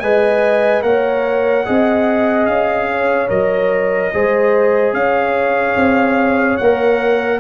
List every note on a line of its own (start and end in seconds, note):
0.00 0.84 G#3
0.00 0.82 B4
0.00 0.85 D#5
0.00 0.82 G#5
0.82 1.66 A#3
0.82 1.64 A#4
0.82 1.66 C#5
0.82 2.46 F#5
1.65 2.48 C4
1.65 3.28 G#4
1.65 2.90 D#5
2.46 3.30 C#4
2.46 3.29 F5
2.91 4.14 C#5
3.28 4.12 F#3
3.28 4.11 A#4
3.28 4.94 D#5
4.14 4.93 G#3
4.14 6.60 G#4
4.14 4.96 C5
4.93 5.76 C#4
4.93 7.40 C#5
4.93 6.58 F5
5.76 6.58 C4
6.58 7.40 A#3
6.58 7.40 A#4
6.58 7.40 F#5